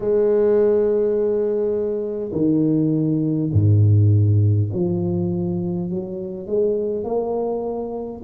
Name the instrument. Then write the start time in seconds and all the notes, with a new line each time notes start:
tuba
0.00 G#3
2.32 D#3
3.52 G#2
4.72 F3
5.90 F#3
6.46 G#3
7.04 A#3